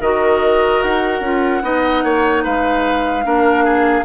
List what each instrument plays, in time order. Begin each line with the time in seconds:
0.00 bassoon D#3, clarinet F#4, oboe A#4, flute D#5
0.82 bassoon D#4, flute F#5
1.20 bassoon C#4, clarinet F4
1.62 bassoon B3, clarinet D#4, oboe D#5
2.04 bassoon A#3, oboe C#5
2.44 bassoon G#3, oboe B4, flute F5
3.24 bassoon A#3, clarinet D4, oboe A#4
3.64 oboe G#4